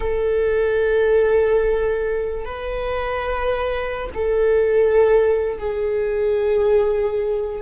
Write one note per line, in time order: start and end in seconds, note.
0.00 2.45 A4
2.45 4.09 B4
4.14 5.58 A4
5.58 7.61 G#4